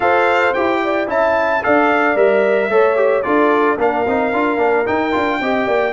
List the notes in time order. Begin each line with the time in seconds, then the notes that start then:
0.00 F4 A4 C5 F5
0.53 E4 G4 G5
0.84 D5
1.07 C#4 E4 E5 A5
1.62 D4 A4 D5 F5
2.15 G3 A#4 E5
2.68 A3 A4 C#5
2.96 G4
3.22 D4 F4 A4 D5
3.77 A#3 D4 A#4 F5
4.05 C4 D#4
4.33 D4 F4
4.57 A#3 D4
4.85 D#4 G5
5.12 D4 F4
5.39 C4 G4 D#5
5.66 A#3 D5